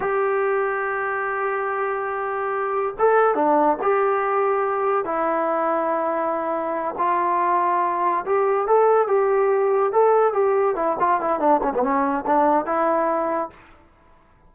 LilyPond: \new Staff \with { instrumentName = "trombone" } { \time 4/4 \tempo 4 = 142 g'1~ | g'2. a'4 | d'4 g'2. | e'1~ |
e'8 f'2. g'8~ | g'8 a'4 g'2 a'8~ | a'8 g'4 e'8 f'8 e'8 d'8 cis'16 b16 | cis'4 d'4 e'2 | }